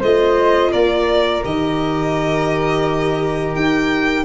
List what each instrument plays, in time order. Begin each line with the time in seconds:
0.00 tuba A3, viola F4, flute C5, violin D#5
0.72 tuba A#3, flute A#4, violin D5
1.43 tuba D#3, viola G4, violin D#5
3.55 tuba D#4, violin G5